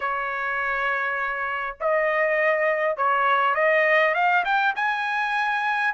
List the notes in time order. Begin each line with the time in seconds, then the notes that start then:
0.00 C#5
1.80 D#5
2.96 C#5
3.55 D#5
4.14 F5
4.44 G5
4.75 G#5